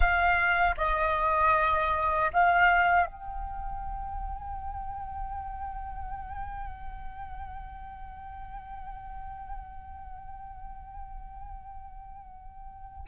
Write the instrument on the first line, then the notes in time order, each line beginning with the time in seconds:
flute
0.00 F5
0.77 D#5
2.33 F5
3.06 G5